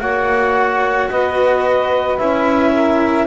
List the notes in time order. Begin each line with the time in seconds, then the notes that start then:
0.00 A#3 F#4 C#5 F#5
1.10 B3 B4 D#5
2.18 C#4 E4 E5
2.72 A#4